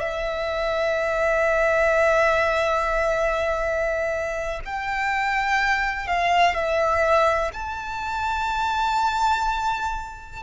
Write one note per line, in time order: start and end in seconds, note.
0.00 4.60 E5
4.65 6.07 G5
6.07 6.54 F5
6.54 7.51 E5
7.53 10.43 A5